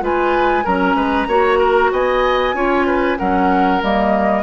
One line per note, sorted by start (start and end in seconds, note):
0.00 0.64 G#3
0.00 0.63 F4
0.00 0.64 B4
0.00 0.66 G#5
0.64 0.94 F#3
0.64 1.29 C#4
0.64 0.96 A#4
0.64 1.92 A#5
0.94 1.26 G#3
0.94 1.27 B4
1.27 1.90 A#3
1.27 2.54 F#4
1.27 1.58 C#5
1.58 1.90 A#4
1.91 2.53 B3
1.91 2.55 D#5
1.91 3.18 G#5
2.53 3.17 C#4
2.53 3.17 F4
2.53 2.86 C#5
2.86 3.18 B4
3.18 3.82 F#3
3.18 3.81 C#4
3.18 4.43 A#4
3.18 3.81 F#5
3.81 4.43 G3
3.81 4.43 A#3
3.81 4.43 D#5